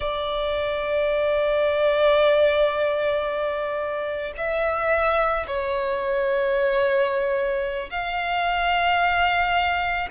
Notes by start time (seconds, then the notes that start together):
0.00 D5
4.37 E5
5.47 C#5
7.90 F5